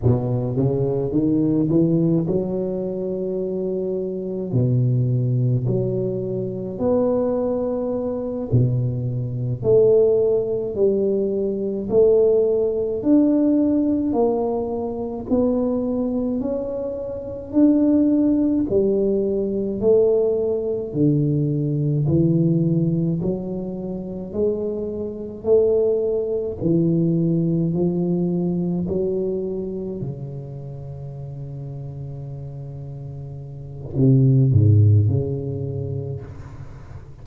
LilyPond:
\new Staff \with { instrumentName = "tuba" } { \time 4/4 \tempo 4 = 53 b,8 cis8 dis8 e8 fis2 | b,4 fis4 b4. b,8~ | b,8 a4 g4 a4 d'8~ | d'8 ais4 b4 cis'4 d'8~ |
d'8 g4 a4 d4 e8~ | e8 fis4 gis4 a4 e8~ | e8 f4 fis4 cis4.~ | cis2 c8 gis,8 cis4 | }